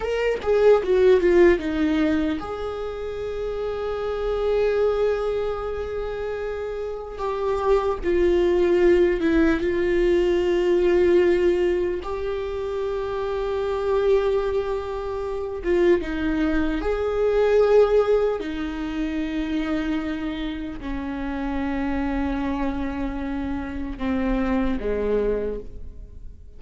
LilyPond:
\new Staff \with { instrumentName = "viola" } { \time 4/4 \tempo 4 = 75 ais'8 gis'8 fis'8 f'8 dis'4 gis'4~ | gis'1~ | gis'4 g'4 f'4. e'8 | f'2. g'4~ |
g'2.~ g'8 f'8 | dis'4 gis'2 dis'4~ | dis'2 cis'2~ | cis'2 c'4 gis4 | }